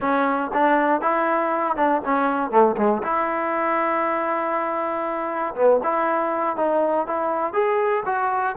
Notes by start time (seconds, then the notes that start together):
0.00 C#4
0.53 D4
1.01 E4
1.76 D4
2.04 C#4
2.50 A3
2.77 G#3
3.03 E4
5.55 B3
5.83 E4
6.56 D#4
7.06 E4
7.53 G#4
8.05 F#4